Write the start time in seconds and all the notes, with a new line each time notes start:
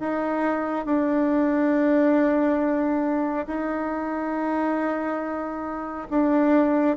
0.00 D#4
0.85 D4
3.47 D#4
6.10 D4